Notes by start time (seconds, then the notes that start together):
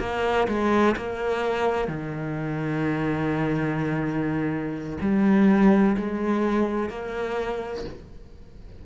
0.00 A#3
0.48 G#3
0.97 A#3
1.88 D#3
5.01 G3
5.97 G#3
6.90 A#3